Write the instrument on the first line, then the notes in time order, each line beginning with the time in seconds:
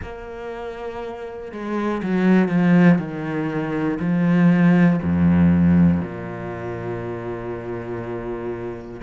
cello
0.02 A#3
1.51 G#3
2.03 F#3
2.48 F3
2.98 D#3
3.99 F3
5.02 F2
6.00 A#2